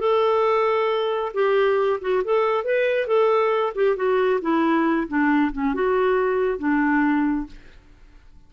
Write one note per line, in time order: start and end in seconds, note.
0.00 1.32 A4
1.34 2.00 G4
2.01 2.23 F#4
2.24 2.65 A4
2.65 3.07 B4
3.07 3.73 A4
3.75 3.96 G4
3.96 4.40 F#4
4.41 5.08 E4
5.08 5.52 D4
5.52 5.74 C#4
5.74 6.59 F#4
6.59 7.47 D4